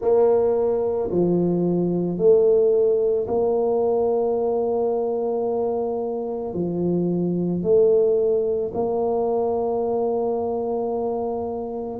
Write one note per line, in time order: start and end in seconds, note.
0.00 1.10 A#3
1.10 2.18 F3
2.18 3.27 A3
3.27 6.54 A#3
6.54 7.62 F3
7.62 8.71 A3
8.73 11.99 A#3